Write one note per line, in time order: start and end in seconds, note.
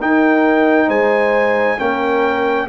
0.00 0.89 D#4
0.00 1.79 D#4
0.00 0.87 A#4
0.00 0.90 G5
0.87 1.78 G#3
0.87 1.77 C5
0.87 1.79 G#5
1.79 2.69 A#3
1.79 2.68 C#4
1.79 2.69 A#4
1.79 2.69 G5